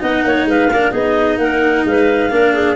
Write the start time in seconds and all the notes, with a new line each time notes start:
0.00 B3 D#4 D#5 F#5
0.24 A#3 C#5
0.45 G#3 B4 F5
0.67 A#3 A#4
0.73 D4
0.92 B3 D#4 G#4 D#5
1.37 A#3 A#4 F#5
1.85 G#3 B4 F5
2.31 A#3 D4 A#4
2.54 G#4